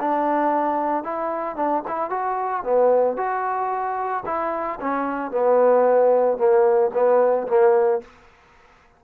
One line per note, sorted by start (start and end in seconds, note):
0.00 1.03 D4
1.03 1.56 E4
1.56 1.83 D4
1.87 2.10 E4
2.10 2.63 F#4
2.64 3.17 B3
3.17 4.24 F#4
4.26 4.79 E4
4.81 5.31 C#4
5.31 6.37 B3
6.37 6.91 A#3
6.94 7.47 B3
7.48 8.01 A#3